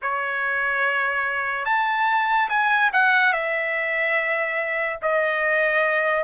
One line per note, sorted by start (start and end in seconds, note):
0.02 1.65 C#5
1.65 2.48 A5
2.49 2.91 G#5
2.92 3.32 F#5
3.32 4.99 E5
5.02 6.23 D#5